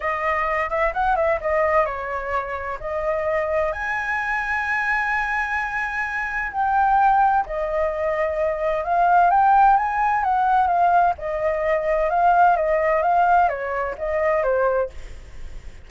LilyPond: \new Staff \with { instrumentName = "flute" } { \time 4/4 \tempo 4 = 129 dis''4. e''8 fis''8 e''8 dis''4 | cis''2 dis''2 | gis''1~ | gis''2 g''2 |
dis''2. f''4 | g''4 gis''4 fis''4 f''4 | dis''2 f''4 dis''4 | f''4 cis''4 dis''4 c''4 | }